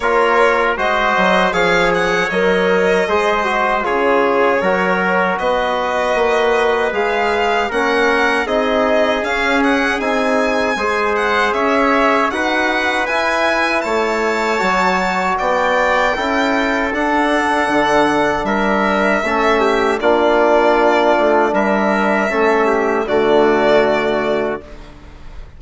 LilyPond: <<
  \new Staff \with { instrumentName = "violin" } { \time 4/4 \tempo 4 = 78 cis''4 dis''4 f''8 fis''8 dis''4~ | dis''4 cis''2 dis''4~ | dis''4 f''4 fis''4 dis''4 | f''8 fis''8 gis''4. fis''8 e''4 |
fis''4 gis''4 a''2 | g''2 fis''2 | e''2 d''2 | e''2 d''2 | }
  \new Staff \with { instrumentName = "trumpet" } { \time 4/4 ais'4 c''4 cis''2 | c''4 gis'4 ais'4 b'4~ | b'2 ais'4 gis'4~ | gis'2 c''4 cis''4 |
b'2 cis''2 | d''4 a'2. | ais'4 a'8 g'8 f'2 | ais'4 a'8 g'8 fis'2 | }
  \new Staff \with { instrumentName = "trombone" } { \time 4/4 f'4 fis'4 gis'4 ais'4 | gis'8 fis'8 f'4 fis'2~ | fis'4 gis'4 cis'4 dis'4 | cis'4 dis'4 gis'2 |
fis'4 e'2 fis'4~ | fis'4 e'4 d'2~ | d'4 cis'4 d'2~ | d'4 cis'4 a2 | }
  \new Staff \with { instrumentName = "bassoon" } { \time 4/4 ais4 gis8 fis8 f4 fis4 | gis4 cis4 fis4 b4 | ais4 gis4 ais4 c'4 | cis'4 c'4 gis4 cis'4 |
dis'4 e'4 a4 fis4 | b4 cis'4 d'4 d4 | g4 a4 ais4. a8 | g4 a4 d2 | }
>>